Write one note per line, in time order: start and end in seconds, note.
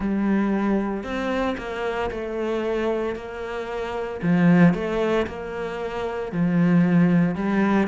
0.00 1.03 G3
1.03 1.56 C4
1.57 2.10 A#3
2.11 3.15 A3
3.15 4.21 A#3
4.22 4.74 F3
4.74 5.26 A3
5.26 6.32 A#3
6.32 7.34 F3
7.34 7.87 G3